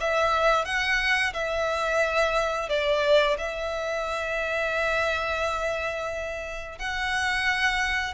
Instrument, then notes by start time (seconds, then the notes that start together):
violin
0.00 E5
0.65 F#5
1.34 E5
2.69 D5
3.38 E5
6.79 F#5